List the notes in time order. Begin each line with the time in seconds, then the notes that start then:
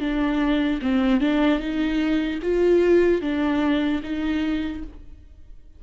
0.00 D4
0.82 C4
1.21 D4
1.60 D#4
2.42 F4
3.21 D4
4.03 D#4